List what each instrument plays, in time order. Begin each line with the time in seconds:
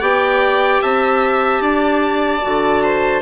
0.00 bassoon B3, clarinet G4, viola D5, trumpet G5
0.81 bassoon C4, viola E5, trumpet A5
1.61 bassoon D4, viola D5
2.41 bassoon D3, clarinet F#4
2.83 viola C5